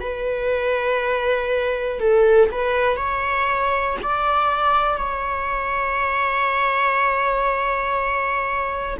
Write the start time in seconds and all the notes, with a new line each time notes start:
0.00 B4
2.00 A4
2.51 B4
2.96 C#5
4.02 D5
4.97 C#5